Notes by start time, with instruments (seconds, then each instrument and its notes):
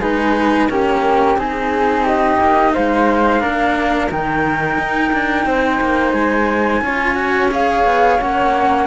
0.00 cello G#3 D#4, flute G#4 B4
0.70 cello A#3 C#4, flute G4 A#4
1.36 cello C4 D#4, flute G#4
2.04 flute G4 D#5
2.40 cello A#3
2.74 cello G#3, flute C5 F5
3.41 cello A#3 D4, flute A#4
4.11 cello D#3 D#4, flute G5
4.78 cello D#4
5.13 cello D4
5.46 cello C4, flute C5
5.81 cello A#3
6.13 cello G#3, flute G#5
6.82 cello C#4 F4, flute C#5
7.15 cello F#4
7.52 cello G#4, flute F5
7.85 cello B3
8.19 cello A#3 C#4, flute F#5